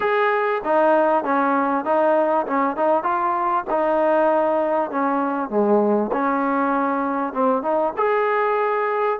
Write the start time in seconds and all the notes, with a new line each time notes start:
0.00 G#4
0.64 D#4
1.24 C#4
1.84 D#4
2.46 C#4
2.76 D#4
3.03 F4
3.70 D#4
4.90 C#4
5.49 G#3
6.12 C#4
7.33 C4
7.62 D#4
7.96 G#4